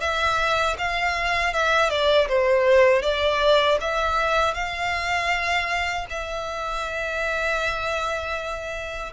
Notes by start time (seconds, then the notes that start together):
0.00 E5
0.78 F5
1.53 E5
1.90 D5
2.28 C5
3.02 D5
3.80 E5
4.54 F5
6.10 E5